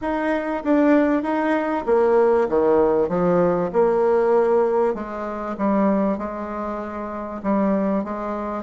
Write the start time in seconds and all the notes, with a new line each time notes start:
0.01 D#4
0.64 D4
1.22 D#4
1.86 A#3
2.48 D#3
3.08 F3
3.73 A#3
4.94 G#3
5.57 G3
6.17 G#3
7.42 G3
8.04 G#3